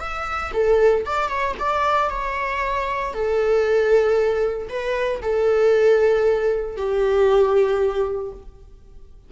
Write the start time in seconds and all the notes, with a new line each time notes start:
0.00 E5
0.53 A4
1.05 D5
1.29 C#5
1.59 D5
2.10 C#5
3.13 A4
4.69 B4
5.22 A4
6.77 G4